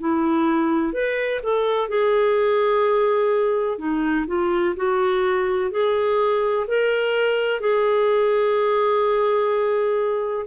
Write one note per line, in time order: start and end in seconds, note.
0.00 0.93 E4
0.93 1.41 B4
1.43 1.89 A4
1.89 3.79 G#4
3.79 4.26 D#4
4.28 4.75 F4
4.77 5.71 F#4
5.71 6.67 G#4
6.68 7.61 A#4
7.61 10.46 G#4